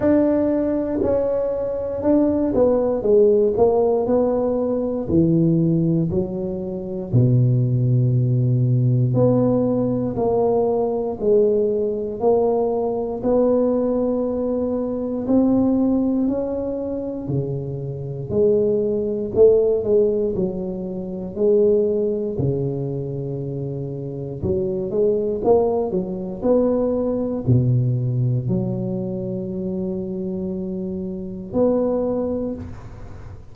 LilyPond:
\new Staff \with { instrumentName = "tuba" } { \time 4/4 \tempo 4 = 59 d'4 cis'4 d'8 b8 gis8 ais8 | b4 e4 fis4 b,4~ | b,4 b4 ais4 gis4 | ais4 b2 c'4 |
cis'4 cis4 gis4 a8 gis8 | fis4 gis4 cis2 | fis8 gis8 ais8 fis8 b4 b,4 | fis2. b4 | }